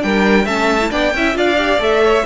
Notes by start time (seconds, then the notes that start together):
0.00 G3 D4 A#4 G5
0.45 A3 C#4 E5 A5
0.81 E4
0.90 B3 D4 D5 G5
1.14 C#4 E4 E5
1.34 D4 F4 D5 F5
1.57 G4
1.78 A3 A4 E5
2.03 C#5